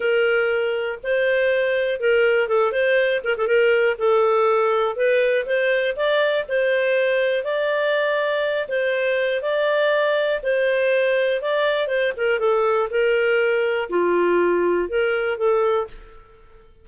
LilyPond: \new Staff \with { instrumentName = "clarinet" } { \time 4/4 \tempo 4 = 121 ais'2 c''2 | ais'4 a'8 c''4 ais'16 a'16 ais'4 | a'2 b'4 c''4 | d''4 c''2 d''4~ |
d''4. c''4. d''4~ | d''4 c''2 d''4 | c''8 ais'8 a'4 ais'2 | f'2 ais'4 a'4 | }